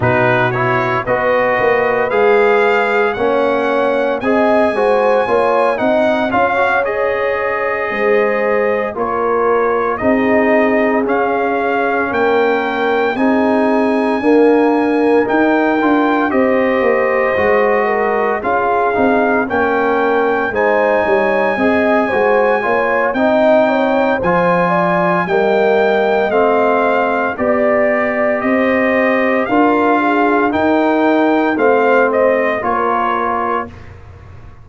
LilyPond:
<<
  \new Staff \with { instrumentName = "trumpet" } { \time 4/4 \tempo 4 = 57 b'8 cis''8 dis''4 f''4 fis''4 | gis''4. fis''8 f''8 dis''4.~ | dis''8 cis''4 dis''4 f''4 g''8~ | g''8 gis''2 g''4 dis''8~ |
dis''4. f''4 g''4 gis''8~ | gis''2 g''4 gis''4 | g''4 f''4 d''4 dis''4 | f''4 g''4 f''8 dis''8 cis''4 | }
  \new Staff \with { instrumentName = "horn" } { \time 4/4 fis'4 b'2 cis''4 | dis''8 c''8 cis''8 dis''8 cis''4. c''8~ | c''8 ais'4 gis'2 ais'8~ | ais'8 gis'4 ais'2 c''8~ |
c''4 ais'8 gis'4 ais'4 c''8 | cis''8 dis''8 c''8 cis''8 dis''8 cis''8 c''8 d''8 | dis''2 d''4 c''4 | ais'8 gis'8 ais'4 c''4 ais'4 | }
  \new Staff \with { instrumentName = "trombone" } { \time 4/4 dis'8 e'8 fis'4 gis'4 cis'4 | gis'8 fis'8 f'8 dis'8 f'16 fis'16 gis'4.~ | gis'8 f'4 dis'4 cis'4.~ | cis'8 dis'4 ais4 dis'8 f'8 g'8~ |
g'8 fis'4 f'8 dis'8 cis'4 dis'8~ | dis'8 gis'8 fis'8 f'8 dis'4 f'4 | ais4 c'4 g'2 | f'4 dis'4 c'4 f'4 | }
  \new Staff \with { instrumentName = "tuba" } { \time 4/4 b,4 b8 ais8 gis4 ais4 | c'8 gis8 ais8 c'8 cis'4. gis8~ | gis8 ais4 c'4 cis'4 ais8~ | ais8 c'4 d'4 dis'8 d'8 c'8 |
ais8 gis4 cis'8 c'8 ais4 gis8 | g8 c'8 gis8 ais8 c'4 f4 | g4 a4 b4 c'4 | d'4 dis'4 a4 ais4 | }
>>